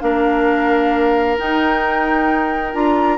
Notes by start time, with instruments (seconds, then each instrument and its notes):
0.00 bassoon A#3, clarinet D4, oboe A#4, flute F5
1.37 clarinet D#4, bassoon D#4, flute G5
2.73 bassoon D4, clarinet F4, flute A#5